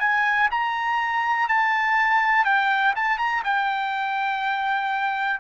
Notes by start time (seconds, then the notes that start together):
0.00 G#5
0.51 A#5
1.48 A5
2.45 G5
2.96 A5
3.18 A#5
3.44 G5